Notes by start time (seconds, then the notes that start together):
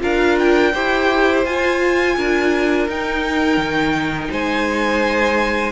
0.00 D4 F4 A#4 F5
0.39 G5
0.74 E4 G4 C5
1.46 F4 G#5
2.17 D4 A#4
2.89 D#4 G5
3.57 D#3
4.31 G#3 C5 G#5